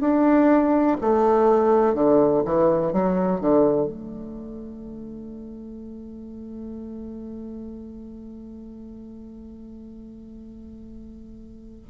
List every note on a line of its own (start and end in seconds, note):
0.00 0.97 D4
1.01 1.94 A3
1.94 2.42 D3
2.45 2.93 E3
2.93 3.40 F#3
3.40 3.86 D3
3.86 11.85 A3